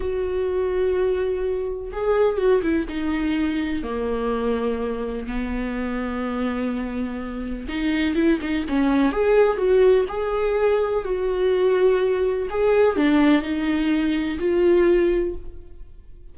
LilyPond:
\new Staff \with { instrumentName = "viola" } { \time 4/4 \tempo 4 = 125 fis'1 | gis'4 fis'8 e'8 dis'2 | ais2. b4~ | b1 |
dis'4 e'8 dis'8 cis'4 gis'4 | fis'4 gis'2 fis'4~ | fis'2 gis'4 d'4 | dis'2 f'2 | }